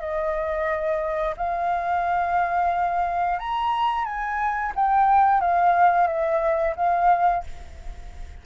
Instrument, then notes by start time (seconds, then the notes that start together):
flute
0.00 D#5
1.37 F5
3.39 A#5
4.05 G#5
4.75 G5
5.41 F5
6.07 E5
6.76 F5